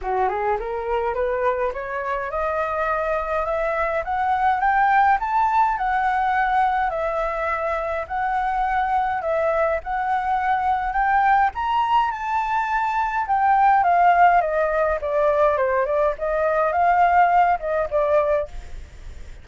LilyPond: \new Staff \with { instrumentName = "flute" } { \time 4/4 \tempo 4 = 104 fis'8 gis'8 ais'4 b'4 cis''4 | dis''2 e''4 fis''4 | g''4 a''4 fis''2 | e''2 fis''2 |
e''4 fis''2 g''4 | ais''4 a''2 g''4 | f''4 dis''4 d''4 c''8 d''8 | dis''4 f''4. dis''8 d''4 | }